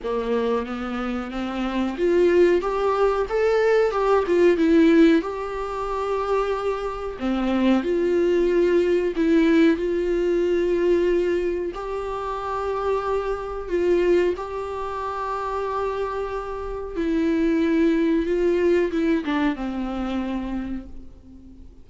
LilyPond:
\new Staff \with { instrumentName = "viola" } { \time 4/4 \tempo 4 = 92 ais4 b4 c'4 f'4 | g'4 a'4 g'8 f'8 e'4 | g'2. c'4 | f'2 e'4 f'4~ |
f'2 g'2~ | g'4 f'4 g'2~ | g'2 e'2 | f'4 e'8 d'8 c'2 | }